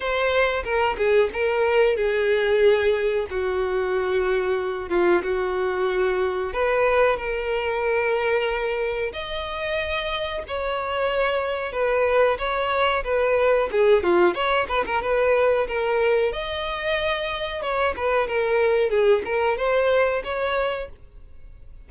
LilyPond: \new Staff \with { instrumentName = "violin" } { \time 4/4 \tempo 4 = 92 c''4 ais'8 gis'8 ais'4 gis'4~ | gis'4 fis'2~ fis'8 f'8 | fis'2 b'4 ais'4~ | ais'2 dis''2 |
cis''2 b'4 cis''4 | b'4 gis'8 f'8 cis''8 b'16 ais'16 b'4 | ais'4 dis''2 cis''8 b'8 | ais'4 gis'8 ais'8 c''4 cis''4 | }